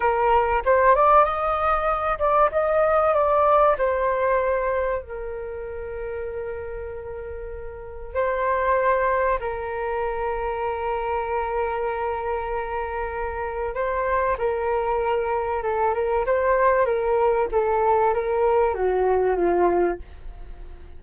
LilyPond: \new Staff \with { instrumentName = "flute" } { \time 4/4 \tempo 4 = 96 ais'4 c''8 d''8 dis''4. d''8 | dis''4 d''4 c''2 | ais'1~ | ais'4 c''2 ais'4~ |
ais'1~ | ais'2 c''4 ais'4~ | ais'4 a'8 ais'8 c''4 ais'4 | a'4 ais'4 fis'4 f'4 | }